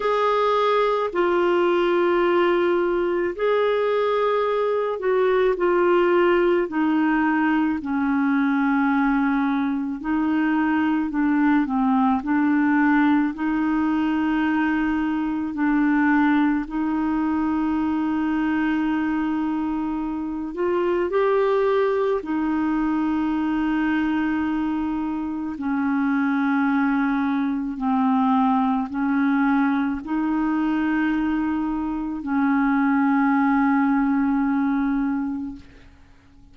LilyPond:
\new Staff \with { instrumentName = "clarinet" } { \time 4/4 \tempo 4 = 54 gis'4 f'2 gis'4~ | gis'8 fis'8 f'4 dis'4 cis'4~ | cis'4 dis'4 d'8 c'8 d'4 | dis'2 d'4 dis'4~ |
dis'2~ dis'8 f'8 g'4 | dis'2. cis'4~ | cis'4 c'4 cis'4 dis'4~ | dis'4 cis'2. | }